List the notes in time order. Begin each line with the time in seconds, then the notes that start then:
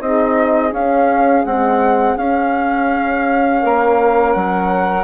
0.00 C4 D#4 G#4 D#5
0.72 C#4 F5
1.44 G#3 C4 F#5
2.17 C#4 F5
3.62 A#3 A#4
4.32 F#3 F#5